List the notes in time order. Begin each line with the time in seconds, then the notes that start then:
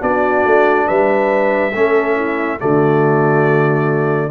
0.00 B3 D4 F#4 D5
0.45 A3
0.87 G3 B4 E5
1.74 A3 C#4 A4
2.16 E4
2.59 D3 A3 F#4 D5